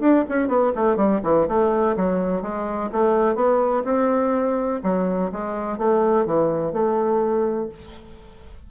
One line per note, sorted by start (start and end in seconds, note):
0.00 0.24 D4
0.29 0.48 C#4
0.48 0.72 B3
0.75 0.96 A3
0.96 1.20 G3
1.23 1.47 E3
1.48 1.96 A3
1.96 2.42 F#3
2.42 2.90 G#3
2.92 3.35 A3
3.35 3.83 B3
3.84 4.80 C4
4.83 5.31 F#3
5.32 5.78 G#3
5.78 6.26 A3
6.26 6.73 E3
6.73 7.69 A3